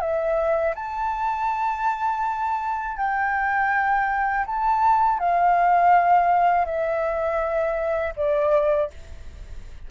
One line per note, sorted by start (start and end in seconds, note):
0.00 0.74 E5
0.75 2.97 A5
2.97 4.45 G5
4.46 5.19 A5
5.19 6.65 F5
6.65 8.13 E5
8.16 8.90 D5